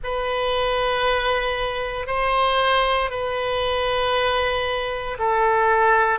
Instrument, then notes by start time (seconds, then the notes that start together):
oboe
0.03 B4
2.06 C5
3.10 B4
5.18 A4